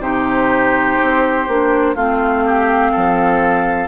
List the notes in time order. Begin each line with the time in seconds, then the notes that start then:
0.00 C3 D#4 G4 C5
1.02 C4
1.48 A#3 D4
1.95 A3 C4 F4 F5
2.45 G4
2.91 F3 A4